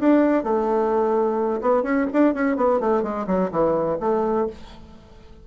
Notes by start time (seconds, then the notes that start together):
0.00 D4
0.44 A3
1.62 B3
1.83 C#4
2.13 D4
2.34 C#4
2.57 B3
2.81 A3
3.03 G#3
3.27 F#3
3.52 E3
4.01 A3